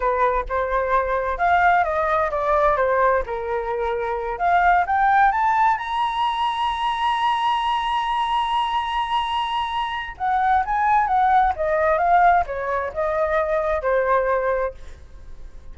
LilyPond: \new Staff \with { instrumentName = "flute" } { \time 4/4 \tempo 4 = 130 b'4 c''2 f''4 | dis''4 d''4 c''4 ais'4~ | ais'4. f''4 g''4 a''8~ | a''8 ais''2.~ ais''8~ |
ais''1~ | ais''2 fis''4 gis''4 | fis''4 dis''4 f''4 cis''4 | dis''2 c''2 | }